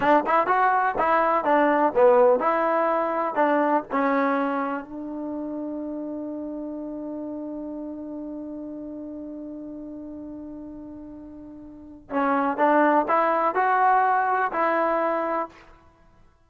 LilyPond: \new Staff \with { instrumentName = "trombone" } { \time 4/4 \tempo 4 = 124 d'8 e'8 fis'4 e'4 d'4 | b4 e'2 d'4 | cis'2 d'2~ | d'1~ |
d'1~ | d'1~ | d'4 cis'4 d'4 e'4 | fis'2 e'2 | }